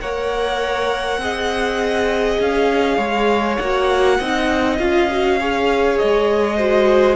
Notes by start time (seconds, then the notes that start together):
0.00 A#3 A#4 C#5 F#5
1.18 C4 G#4 D#5
2.40 C#4 F5
2.97 G#3 C#5
3.56 A#3 F#4 F#5
4.19 C4 D#4 D#5
4.79 C#4 F4 F5
5.11 F#4
5.40 G#4 C#5
5.98 G#3 D#5
6.57 F#4 C5